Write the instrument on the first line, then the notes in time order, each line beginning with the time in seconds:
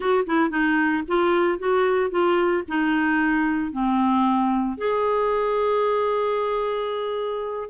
clarinet
0.00 F#4
0.26 E4
0.49 D#4
1.07 F4
1.58 F#4
2.10 F4
2.68 D#4
3.71 C4
4.77 G#4